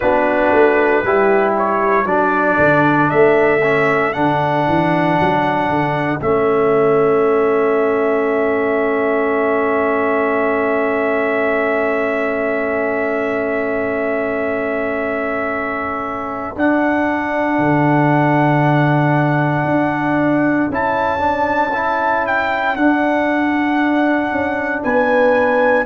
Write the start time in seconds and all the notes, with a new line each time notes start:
0.00 B3 D4 F#4 B4
0.52 A3
1.03 G3 E4 G4
1.57 C#5
2.05 F#3 D4 A4 D5
2.58 D3
3.10 A3 E5
3.62 C#4
4.12 D3 D4 F#5
4.68 E3
5.20 F#3
5.69 D3
6.21 A3 C#4 E5
16.55 D4 F#5
17.58 D3
19.64 D4
20.69 C#4 E4 A5
21.18 D4
21.73 E4
22.27 G5
22.75 D4 F#5
24.31 C#4
24.83 B3 B4 G#5